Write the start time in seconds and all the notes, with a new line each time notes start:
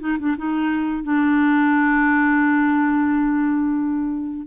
0.00 D#4
0.19 D4
0.37 D#4
1.03 D4